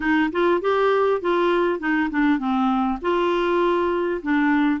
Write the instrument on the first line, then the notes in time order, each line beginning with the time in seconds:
clarinet
0.00 D#4
0.32 F4
0.61 G4
1.21 F4
1.79 D#4
2.10 D4
2.38 C4
3.01 F4
4.22 D4